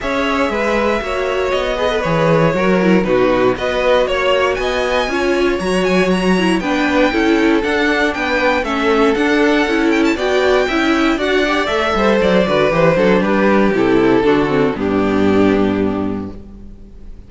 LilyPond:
<<
  \new Staff \with { instrumentName = "violin" } { \time 4/4 \tempo 4 = 118 e''2. dis''4 | cis''2 b'4 dis''4 | cis''4 gis''2 ais''8 gis''8 | ais''4 g''2 fis''4 |
g''4 e''4 fis''4. g''16 a''16 | g''2 fis''4 e''4 | d''4 c''4 b'4 a'4~ | a'4 g'2. | }
  \new Staff \with { instrumentName = "violin" } { \time 4/4 cis''4 b'4 cis''4. b'8~ | b'4 ais'4 fis'4 b'4 | cis''4 dis''4 cis''2~ | cis''4 b'4 a'2 |
b'4 a'2. | d''4 e''4 d''4. c''8~ | c''8 b'4 a'8 g'2 | fis'4 d'2. | }
  \new Staff \with { instrumentName = "viola" } { \time 4/4 gis'2 fis'4. gis'16 a'16 | gis'4 fis'8 e'8 dis'4 fis'4~ | fis'2 f'4 fis'4~ | fis'8 e'8 d'4 e'4 d'4~ |
d'4 cis'4 d'4 e'4 | fis'4 e'4 fis'8 g'8 a'4~ | a'8 fis'8 g'8 d'4. e'4 | d'8 c'8 b2. | }
  \new Staff \with { instrumentName = "cello" } { \time 4/4 cis'4 gis4 ais4 b4 | e4 fis4 b,4 b4 | ais4 b4 cis'4 fis4~ | fis4 b4 cis'4 d'4 |
b4 a4 d'4 cis'4 | b4 cis'4 d'4 a8 g8 | fis8 d8 e8 fis8 g4 c4 | d4 g,2. | }
>>